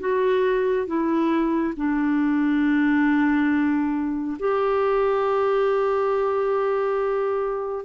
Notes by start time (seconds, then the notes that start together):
0.00 F#4
0.87 E4
1.77 D4
4.39 G4